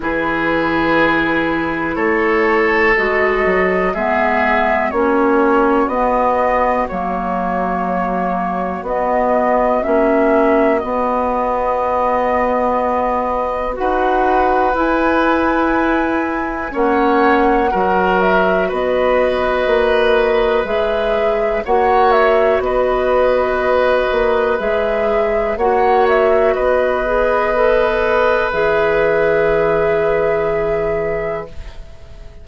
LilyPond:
<<
  \new Staff \with { instrumentName = "flute" } { \time 4/4 \tempo 4 = 61 b'2 cis''4 dis''4 | e''4 cis''4 dis''4 cis''4~ | cis''4 dis''4 e''4 dis''4~ | dis''2 fis''4 gis''4~ |
gis''4 fis''4. e''8 dis''4~ | dis''4 e''4 fis''8 e''8 dis''4~ | dis''4 e''4 fis''8 e''8 dis''4~ | dis''4 e''2. | }
  \new Staff \with { instrumentName = "oboe" } { \time 4/4 gis'2 a'2 | gis'4 fis'2.~ | fis'1~ | fis'2 b'2~ |
b'4 cis''4 ais'4 b'4~ | b'2 cis''4 b'4~ | b'2 cis''4 b'4~ | b'1 | }
  \new Staff \with { instrumentName = "clarinet" } { \time 4/4 e'2. fis'4 | b4 cis'4 b4 ais4~ | ais4 b4 cis'4 b4~ | b2 fis'4 e'4~ |
e'4 cis'4 fis'2~ | fis'4 gis'4 fis'2~ | fis'4 gis'4 fis'4. gis'8 | a'4 gis'2. | }
  \new Staff \with { instrumentName = "bassoon" } { \time 4/4 e2 a4 gis8 fis8 | gis4 ais4 b4 fis4~ | fis4 b4 ais4 b4~ | b2 dis'4 e'4~ |
e'4 ais4 fis4 b4 | ais4 gis4 ais4 b4~ | b8 ais8 gis4 ais4 b4~ | b4 e2. | }
>>